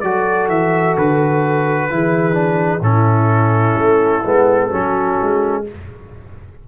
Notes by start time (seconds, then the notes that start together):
0.00 F#3 F#4 A4 D5
0.48 E3 E5
0.97 D3 B4
1.89 E3 E4 G#4
2.33 D4
2.80 A2 C#4 E4 A4
3.76 A3
4.24 G#3 B3
4.69 F#3 C#4 F#4
5.21 G#3